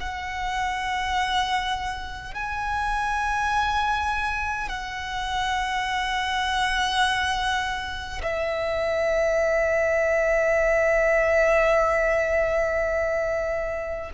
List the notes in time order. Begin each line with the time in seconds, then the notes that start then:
0.00 F#5
2.34 G#5
4.68 F#5
8.22 E5